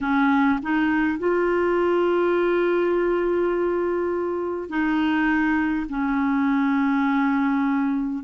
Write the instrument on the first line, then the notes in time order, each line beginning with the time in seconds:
clarinet
0.01 C#4
0.62 D#4
1.18 F4
4.69 D#4
5.89 C#4